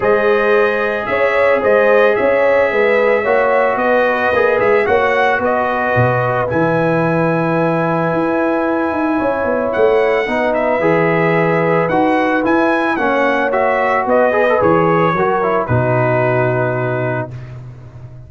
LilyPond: <<
  \new Staff \with { instrumentName = "trumpet" } { \time 4/4 \tempo 4 = 111 dis''2 e''4 dis''4 | e''2. dis''4~ | dis''8 e''8 fis''4 dis''2 | gis''1~ |
gis''2 fis''4. e''8~ | e''2 fis''4 gis''4 | fis''4 e''4 dis''4 cis''4~ | cis''4 b'2. | }
  \new Staff \with { instrumentName = "horn" } { \time 4/4 c''2 cis''4 c''4 | cis''4 b'4 cis''4 b'4~ | b'4 cis''4 b'2~ | b'1~ |
b'4 cis''2 b'4~ | b'1 | cis''2 b'2 | ais'4 fis'2. | }
  \new Staff \with { instrumentName = "trombone" } { \time 4/4 gis'1~ | gis'2 fis'2 | gis'4 fis'2. | e'1~ |
e'2. dis'4 | gis'2 fis'4 e'4 | cis'4 fis'4. gis'16 a'16 gis'4 | fis'8 e'8 dis'2. | }
  \new Staff \with { instrumentName = "tuba" } { \time 4/4 gis2 cis'4 gis4 | cis'4 gis4 ais4 b4 | ais8 gis8 ais4 b4 b,4 | e2. e'4~ |
e'8 dis'8 cis'8 b8 a4 b4 | e2 dis'4 e'4 | ais2 b4 e4 | fis4 b,2. | }
>>